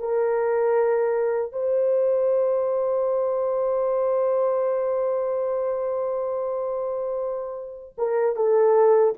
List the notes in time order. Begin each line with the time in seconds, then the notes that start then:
0.00 A#4
1.53 C5
7.98 A#4
8.36 A4